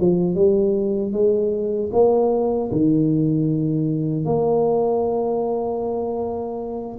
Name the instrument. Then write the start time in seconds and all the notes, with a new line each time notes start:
tuba
0.00 F3
0.35 G3
1.12 G#3
1.92 A#3
2.72 D#3
4.25 A#3